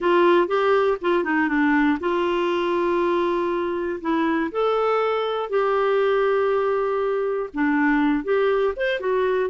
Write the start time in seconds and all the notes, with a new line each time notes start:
0.00 F4
0.47 G4
1.01 F4
1.24 D#4
1.48 D4
2.00 F4
4.00 E4
4.51 A4
5.49 G4
7.53 D4
8.23 G4
8.76 C5
9.00 F#4